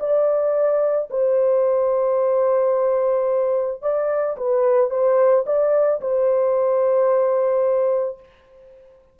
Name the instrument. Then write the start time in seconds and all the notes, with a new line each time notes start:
horn
0.00 D5
1.10 C5
3.82 D5
4.37 B4
4.90 C5
5.46 D5
6.01 C5